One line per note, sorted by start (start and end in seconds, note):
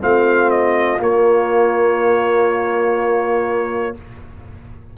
0.00 0.99 A3
0.00 0.98 C4
0.00 3.95 F4
0.00 0.50 F5
0.50 0.99 D#5
0.99 3.94 A#3
0.99 3.97 C#5